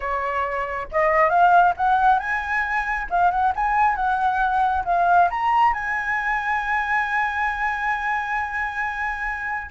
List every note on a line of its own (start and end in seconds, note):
0.00 0.87 C#5
0.91 1.29 D#5
1.29 1.73 F5
1.76 2.19 F#5
2.19 3.07 G#5
3.09 3.30 F5
3.30 3.53 F#5
3.55 3.95 G#5
3.95 4.83 F#5
4.84 5.29 F5
5.30 5.73 A#5
5.73 9.70 G#5